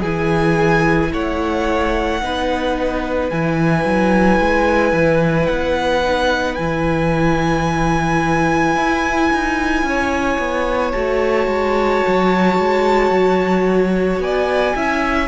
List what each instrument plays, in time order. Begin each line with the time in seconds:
0.00 cello E3, viola E4, violin G#4 G#5
1.13 cello A3, violin C#5 F#5
2.22 cello B3, viola D#4, violin B4
3.30 cello E3, viola E4, violin G#5
3.85 cello F#3
4.40 cello G#3
4.93 cello E3
5.46 cello B3, violin F#5
6.03 viola D#4
6.55 cello E3, viola E4, violin G#5
8.76 cello E4
9.33 cello D#4
9.83 cello C#4, violin C#5
10.39 cello B3
10.92 cello A3, viola F#4, violin A5
11.47 cello G#3
12.07 cello F#3
12.58 cello G#3
13.10 cello F#3
14.19 cello B3, violin D5 G#5
14.76 cello C#4, viola E4, violin E5